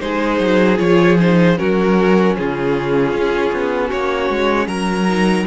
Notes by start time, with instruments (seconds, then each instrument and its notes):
0.00 cello G#3, viola D#4, violin G#4 C5
0.40 cello F#3
0.77 cello F3, viola F4, violin C#5
1.19 viola D#4, violin C5
1.56 cello F#3, viola C#4, violin F#4 A#4
2.38 cello C#3, violin F4 G#4
3.13 cello C#4
3.52 cello B3
3.88 cello A#3, violin F#4 C#5
4.30 cello G#3
4.67 cello F#3, violin A#4 A#5
5.09 viola D#4